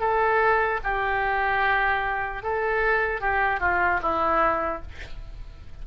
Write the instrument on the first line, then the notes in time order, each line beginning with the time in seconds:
oboe
0.00 A4
0.84 G4
2.43 A4
3.21 G4
3.60 F4
4.02 E4